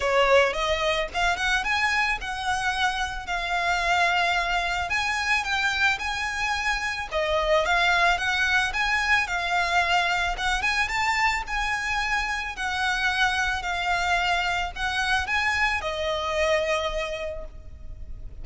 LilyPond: \new Staff \with { instrumentName = "violin" } { \time 4/4 \tempo 4 = 110 cis''4 dis''4 f''8 fis''8 gis''4 | fis''2 f''2~ | f''4 gis''4 g''4 gis''4~ | gis''4 dis''4 f''4 fis''4 |
gis''4 f''2 fis''8 gis''8 | a''4 gis''2 fis''4~ | fis''4 f''2 fis''4 | gis''4 dis''2. | }